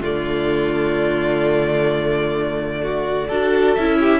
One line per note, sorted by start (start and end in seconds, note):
0.00 3.29 D3
0.00 3.30 A3
0.00 2.81 F4
0.00 3.74 D5
2.82 3.27 F#4
3.27 3.76 D4
3.27 3.77 F#4
3.27 3.98 A4
3.74 4.20 C#4
3.74 4.20 E4
3.74 4.20 E5
4.00 4.20 G4